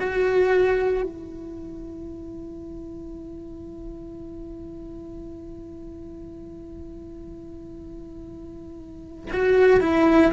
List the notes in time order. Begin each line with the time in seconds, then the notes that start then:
0.00 F#4
1.03 E4
9.33 F#4
9.80 E4